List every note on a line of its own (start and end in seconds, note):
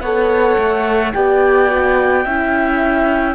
0.00 0.56 B3
0.00 1.14 A4
0.00 1.13 C#5
0.00 1.11 F#5
0.58 1.13 A3
1.13 2.25 B3
1.13 1.69 G4
1.13 2.25 D5
1.13 3.35 G5
1.69 2.25 F#4
2.25 3.35 C#4
2.25 3.35 E4
2.25 3.35 E5